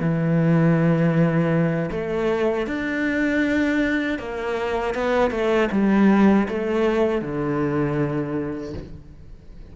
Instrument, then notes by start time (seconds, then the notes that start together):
cello
0.00 E3
1.91 A3
2.67 D4
4.19 A#3
4.95 B3
5.31 A3
5.71 G3
6.49 A3
7.22 D3